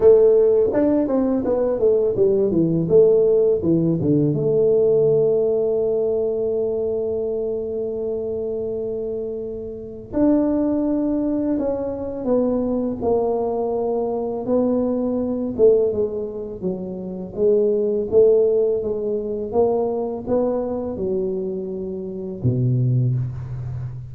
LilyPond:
\new Staff \with { instrumentName = "tuba" } { \time 4/4 \tempo 4 = 83 a4 d'8 c'8 b8 a8 g8 e8 | a4 e8 d8 a2~ | a1~ | a2 d'2 |
cis'4 b4 ais2 | b4. a8 gis4 fis4 | gis4 a4 gis4 ais4 | b4 fis2 b,4 | }